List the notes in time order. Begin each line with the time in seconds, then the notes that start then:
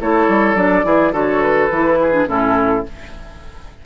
0.00 A3 E4 A4 C#5
0.28 G3
0.55 F#3 D4 D5
0.83 E3 E4 G#4
1.12 D3 F#4 A4 C#5
1.42 B4
1.71 E3 E4
2.01 G#4
2.12 D4
2.26 A2 C#4 E4 A4